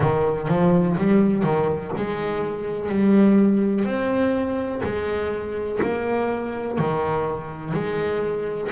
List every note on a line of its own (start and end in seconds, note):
0.00 0.48 D#3
0.48 0.96 F3
0.97 1.43 G3
1.43 1.91 D#3
1.97 2.89 G#3
2.89 3.84 G3
3.84 4.81 C4
4.83 5.80 G#3
5.82 6.78 A#3
6.78 7.73 D#3
7.73 8.70 G#3